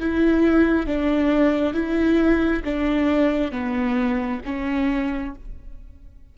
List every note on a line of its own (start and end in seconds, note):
0.00 0.87 E4
0.87 1.74 D4
1.74 2.63 E4
2.65 3.52 D4
3.52 4.41 B3
4.46 5.35 C#4